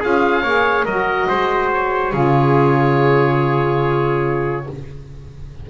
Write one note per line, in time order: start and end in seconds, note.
0.00 0.43 C#4
0.00 0.44 F4
0.00 0.42 G#4
0.00 0.85 F5
0.42 0.85 A#3
0.42 0.87 G#4
0.42 0.84 C#5
0.85 1.27 F#3
0.85 2.13 F#4
0.85 1.27 A#4
0.85 1.70 D#5
1.29 2.13 G#3
1.29 2.13 C5
1.74 4.69 C#5
2.13 4.67 C#3
2.13 4.66 F4
2.13 4.66 G#4